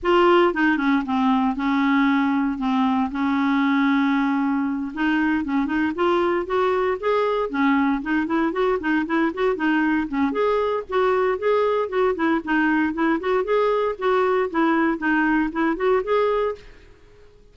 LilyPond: \new Staff \with { instrumentName = "clarinet" } { \time 4/4 \tempo 4 = 116 f'4 dis'8 cis'8 c'4 cis'4~ | cis'4 c'4 cis'2~ | cis'4. dis'4 cis'8 dis'8 f'8~ | f'8 fis'4 gis'4 cis'4 dis'8 |
e'8 fis'8 dis'8 e'8 fis'8 dis'4 cis'8 | gis'4 fis'4 gis'4 fis'8 e'8 | dis'4 e'8 fis'8 gis'4 fis'4 | e'4 dis'4 e'8 fis'8 gis'4 | }